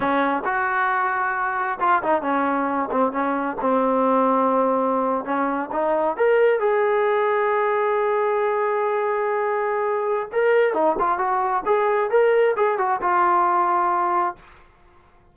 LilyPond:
\new Staff \with { instrumentName = "trombone" } { \time 4/4 \tempo 4 = 134 cis'4 fis'2. | f'8 dis'8 cis'4. c'8 cis'4 | c'2.~ c'8. cis'16~ | cis'8. dis'4 ais'4 gis'4~ gis'16~ |
gis'1~ | gis'2. ais'4 | dis'8 f'8 fis'4 gis'4 ais'4 | gis'8 fis'8 f'2. | }